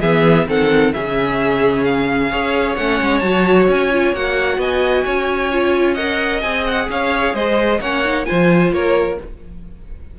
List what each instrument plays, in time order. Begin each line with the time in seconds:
0.00 cello E3, viola B3, violin G#4 E5
0.47 cello D#3, viola C4, violin A4 F#5
0.93 cello C#3, viola C#4, violin G#4 E5
1.84 violin F5
2.30 cello C#4, viola G#4, violin C#5
2.75 cello A3, viola C#4, violin F#5
3.01 cello G#3
3.19 cello F#3, viola F#4, violin A5
3.68 cello C#4, violin G#5
3.92 viola F4
4.13 cello A#3, viola F#4, violin F#5
4.57 cello B3, violin D#5 G#5
5.05 cello C#4, violin C#5
5.52 viola F4
5.94 viola A#4, violin D#5 F#5
6.41 cello C4, viola G#4, violin G#5
6.67 violin F#5
6.89 cello C#4, violin C#5 F5
7.34 cello G#3, violin C5 D#5
7.80 cello A#3, viola C#4, violin C#5 F#5
8.05 viola D#4
8.25 viola F4, violin C5 G#5
8.31 cello F3
8.72 cello A#3, violin A#4 C#5